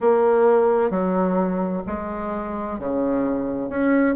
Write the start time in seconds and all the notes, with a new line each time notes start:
0.00 A#3
0.90 F#3
1.86 G#3
2.79 C#3
3.69 C#4